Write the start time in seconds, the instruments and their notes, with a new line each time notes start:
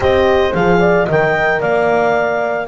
0.00 double bass C4, horn G4 C5, clarinet D#5
0.54 double bass F3, horn G#4, clarinet F5
0.79 horn D5
1.05 double bass D#3, horn A#4 D#5, clarinet G5
1.60 double bass A#3, horn D5, clarinet F5